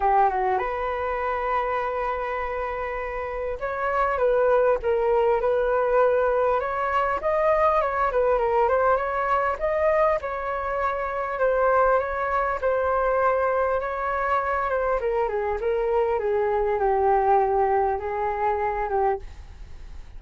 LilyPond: \new Staff \with { instrumentName = "flute" } { \time 4/4 \tempo 4 = 100 g'8 fis'8 b'2.~ | b'2 cis''4 b'4 | ais'4 b'2 cis''4 | dis''4 cis''8 b'8 ais'8 c''8 cis''4 |
dis''4 cis''2 c''4 | cis''4 c''2 cis''4~ | cis''8 c''8 ais'8 gis'8 ais'4 gis'4 | g'2 gis'4. g'8 | }